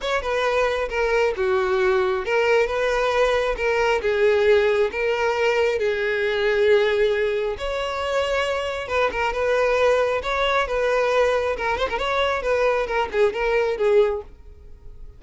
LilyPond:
\new Staff \with { instrumentName = "violin" } { \time 4/4 \tempo 4 = 135 cis''8 b'4. ais'4 fis'4~ | fis'4 ais'4 b'2 | ais'4 gis'2 ais'4~ | ais'4 gis'2.~ |
gis'4 cis''2. | b'8 ais'8 b'2 cis''4 | b'2 ais'8 c''16 ais'16 cis''4 | b'4 ais'8 gis'8 ais'4 gis'4 | }